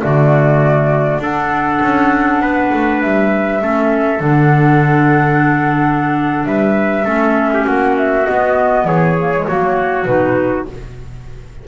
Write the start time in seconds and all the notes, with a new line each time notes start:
0.00 D3 A3 F#4 D5
1.19 D4 A4 F#5
1.81 C#4
2.41 B3 B4
2.73 A3
3.01 G3 E5
3.60 A3 C#4 A4
4.18 D3 D4 F#5
6.45 G3 B4 E5
7.04 A3 C#4 A4
7.53 G4
7.65 A#3 F#4 F#5
7.97 E5
8.26 B3 D#5
8.84 E3 G#4 C#5
9.18 A#3
9.34 G#3
9.47 F#3 A#3 F#4
10.05 B2 D#4 B4